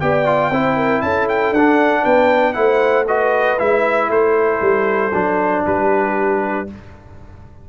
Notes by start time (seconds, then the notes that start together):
0.00 B3 G4 D5 G5
0.26 F4
0.51 C4 E4 C5
0.76 A#4
1.01 C#4 A4 A5
1.29 G5
1.51 D4 F#5
1.58 D4
2.02 B3 B4 G5
2.53 A3 E4 C5 F#5
3.06 F#4 B4 D#5
3.58 G#3 E4 E5
4.09 A3 A4 C5
4.61 G3
5.13 F#3 D4
5.65 G3 G4 B4